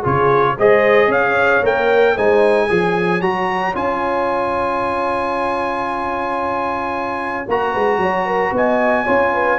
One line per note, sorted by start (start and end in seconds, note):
0.00 0.58 C#3
0.00 0.57 F4
0.00 0.53 G#4
0.00 0.59 C#5
0.58 1.08 G#3
0.58 1.63 G#4
0.58 1.08 C5
0.58 1.12 D#5
1.08 1.61 C#4
1.08 2.14 C#5
1.08 1.65 F5
1.63 2.16 A#3
1.63 2.16 A#4
1.63 2.18 G5
2.15 2.70 G#3
2.15 2.69 D#4
2.15 2.68 C5
2.15 3.22 G#5
2.68 3.21 F3
2.68 3.22 G#4
2.68 7.71 C#5
3.21 3.75 F#3
3.21 3.74 F#4
3.21 3.75 A#5
3.74 7.46 C#4
3.74 7.46 F4
3.74 7.48 G#5
7.48 7.75 A#3
7.48 9.07 F#4
7.48 8.56 A#5
7.71 7.98 G#3
7.71 7.98 B4
7.98 8.51 F#3
7.98 8.26 C#5
8.26 8.53 A#4
8.52 9.05 B3
8.52 9.04 D#5
8.52 9.59 G#5
9.04 9.59 C#4
9.04 9.59 F4
9.04 9.31 C#5
9.33 9.59 B4